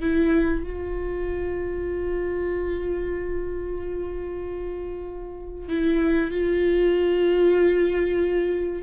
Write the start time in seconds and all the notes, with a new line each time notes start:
0.00 E4
0.63 F4
5.68 E4
6.31 F4